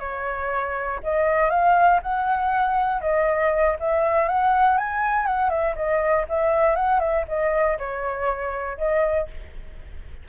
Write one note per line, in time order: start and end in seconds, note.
0.00 1.00 C#5
1.03 1.50 D#5
1.50 2.00 F5
2.03 3.02 F#5
3.02 3.77 D#5
3.80 4.29 E5
4.29 4.78 F#5
4.78 5.27 G#5
5.27 5.50 F#5
5.50 5.75 E5
5.76 6.26 D#5
6.29 6.76 E5
6.76 7.00 F#5
7.00 7.25 E5
7.28 7.78 D#5
7.79 8.78 C#5
8.78 9.28 D#5